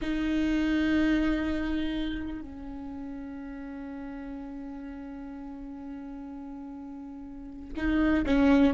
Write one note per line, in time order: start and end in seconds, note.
0.01 2.41 D#4
2.41 7.73 C#4
7.76 8.25 D#4
8.26 8.73 C#4